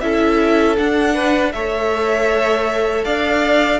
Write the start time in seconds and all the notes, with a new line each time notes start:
0.00 C#4 E4 A4 E5
0.76 D4 F#5
1.14 B4
1.52 A3 A4 C#5 E5
3.04 D4 D5 F5